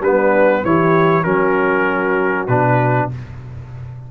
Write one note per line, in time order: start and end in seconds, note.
0.00 0.62 G3
0.00 0.65 B3
0.00 0.64 D4
0.00 0.64 B4
0.64 1.25 E3
0.64 1.24 E4
0.64 1.24 G4
0.64 1.23 C#5
1.23 2.48 F#3
1.23 2.48 C#4
1.23 3.09 F#4
1.23 2.47 A#4
2.47 3.10 B2
2.47 3.11 D4
2.47 3.09 B4